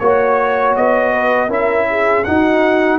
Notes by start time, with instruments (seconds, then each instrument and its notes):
0.00 tuba A#3, trombone F#4, trumpet C#5, horn C#5
0.77 tuba B3, trumpet D#5
1.13 horn B4
1.48 tuba C#4, trombone E4, horn A#4, trumpet E5
1.90 horn G#4
2.25 trombone D#4, tuba D#4, horn F#4, trumpet F#5